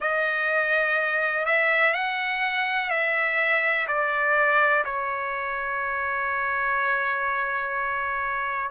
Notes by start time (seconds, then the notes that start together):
0.00 D#5
1.45 E5
1.93 F#5
2.90 E5
3.87 D5
4.84 C#5